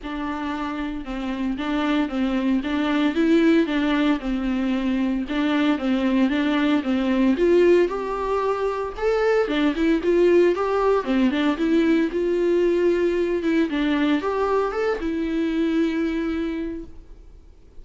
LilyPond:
\new Staff \with { instrumentName = "viola" } { \time 4/4 \tempo 4 = 114 d'2 c'4 d'4 | c'4 d'4 e'4 d'4 | c'2 d'4 c'4 | d'4 c'4 f'4 g'4~ |
g'4 a'4 d'8 e'8 f'4 | g'4 c'8 d'8 e'4 f'4~ | f'4. e'8 d'4 g'4 | a'8 e'2.~ e'8 | }